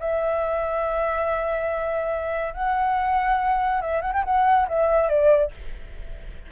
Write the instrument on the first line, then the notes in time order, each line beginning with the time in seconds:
flute
0.00 E5
2.54 F#5
3.82 E5
4.02 F#5
4.13 G5
4.25 F#5
4.68 E5
5.09 D5